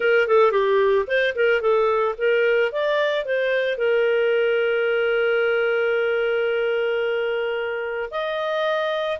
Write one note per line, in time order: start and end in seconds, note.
0.00 0.27 A#4
0.27 0.51 A4
0.51 1.05 G4
1.07 1.34 C5
1.35 1.61 A#4
1.61 2.15 A4
2.18 2.72 A#4
2.72 3.25 D5
3.25 3.77 C5
3.77 8.09 A#4
8.10 9.18 D#5